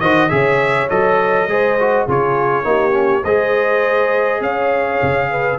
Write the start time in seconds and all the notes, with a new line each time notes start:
0.00 D#3 F#4 C5 D#5
0.29 C#3 G#4 C#5 E5
0.89 F#3 A4 D#5
1.47 G#3 G#4 C5
1.79 F#4
2.05 C#3 F4 G#4 C#5
2.63 A#3 D#4 G4
2.91 C#4
3.24 G#3 G#4 C5 D#5
4.40 C#4 C#5 F5
5.02 C#3
5.30 B4